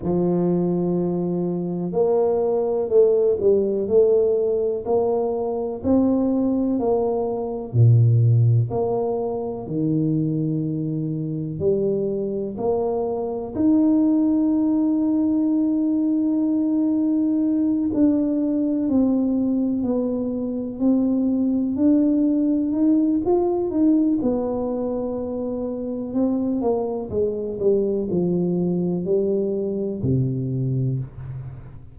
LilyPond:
\new Staff \with { instrumentName = "tuba" } { \time 4/4 \tempo 4 = 62 f2 ais4 a8 g8 | a4 ais4 c'4 ais4 | ais,4 ais4 dis2 | g4 ais4 dis'2~ |
dis'2~ dis'8 d'4 c'8~ | c'8 b4 c'4 d'4 dis'8 | f'8 dis'8 b2 c'8 ais8 | gis8 g8 f4 g4 c4 | }